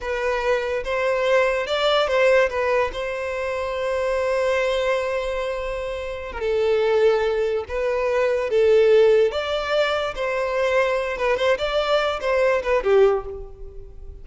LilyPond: \new Staff \with { instrumentName = "violin" } { \time 4/4 \tempo 4 = 145 b'2 c''2 | d''4 c''4 b'4 c''4~ | c''1~ | c''2.~ c''16 ais'16 a'8~ |
a'2~ a'8 b'4.~ | b'8 a'2 d''4.~ | d''8 c''2~ c''8 b'8 c''8 | d''4. c''4 b'8 g'4 | }